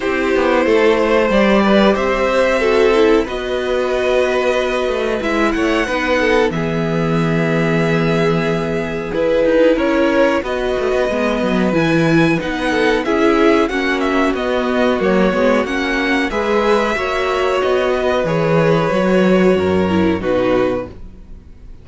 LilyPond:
<<
  \new Staff \with { instrumentName = "violin" } { \time 4/4 \tempo 4 = 92 c''2 d''4 e''4~ | e''4 dis''2. | e''8 fis''4. e''2~ | e''2 b'4 cis''4 |
dis''2 gis''4 fis''4 | e''4 fis''8 e''8 dis''4 cis''4 | fis''4 e''2 dis''4 | cis''2. b'4 | }
  \new Staff \with { instrumentName = "violin" } { \time 4/4 g'4 a'8 c''4 b'8 c''4 | a'4 b'2.~ | b'8 cis''8 b'8 a'8 gis'2~ | gis'2. ais'4 |
b'2.~ b'8 a'8 | gis'4 fis'2.~ | fis'4 b'4 cis''4. b'8~ | b'2 ais'4 fis'4 | }
  \new Staff \with { instrumentName = "viola" } { \time 4/4 e'2 g'2 | fis'8 e'8 fis'2. | e'4 dis'4 b2~ | b2 e'2 |
fis'4 b4 e'4 dis'4 | e'4 cis'4 b4 ais8 b8 | cis'4 gis'4 fis'2 | gis'4 fis'4. e'8 dis'4 | }
  \new Staff \with { instrumentName = "cello" } { \time 4/4 c'8 b8 a4 g4 c'4~ | c'4 b2~ b8 a8 | gis8 a8 b4 e2~ | e2 e'8 dis'8 cis'4 |
b8 a16 b16 gis8 fis8 e4 b4 | cis'4 ais4 b4 fis8 gis8 | ais4 gis4 ais4 b4 | e4 fis4 fis,4 b,4 | }
>>